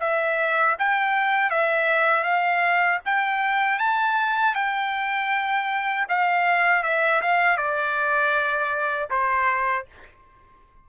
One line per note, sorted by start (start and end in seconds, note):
0.00 0.76 E5
0.79 1.51 G5
1.51 2.24 E5
2.24 3.00 F5
3.06 3.79 G5
3.79 4.55 A5
4.55 6.07 G5
6.09 6.83 F5
6.83 7.21 E5
7.22 7.57 F5
7.57 9.09 D5
9.10 9.86 C5